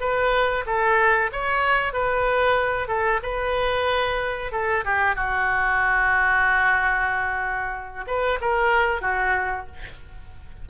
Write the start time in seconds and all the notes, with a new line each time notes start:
0.00 B4
0.66 A4
1.32 C#5
1.93 B4
2.88 A4
3.23 B4
4.52 A4
4.84 G4
5.15 F#4
8.07 B4
8.41 A#4
9.01 F#4